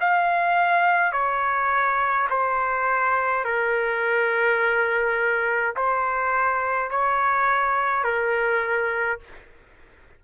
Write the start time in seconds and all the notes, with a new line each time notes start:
0.00 F5
1.12 C#5
2.30 C5
3.45 A#4
5.76 C5
6.90 C#5
8.03 A#4